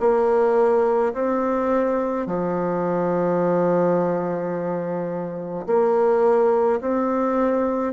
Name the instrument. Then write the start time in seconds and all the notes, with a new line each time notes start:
bassoon
0.00 A#3
1.14 C4
2.26 F3
5.67 A#3
6.80 C4